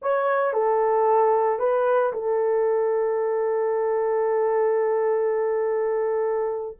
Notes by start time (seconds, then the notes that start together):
0.01 C#5
0.53 A4
1.59 B4
2.12 A4